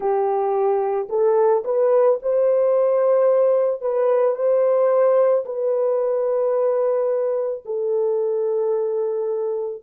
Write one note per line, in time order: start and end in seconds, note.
0.00 1.08 G4
1.09 1.63 A4
1.64 2.18 B4
2.22 3.81 C5
3.81 4.35 B4
4.35 5.44 C5
5.45 7.63 B4
7.65 9.82 A4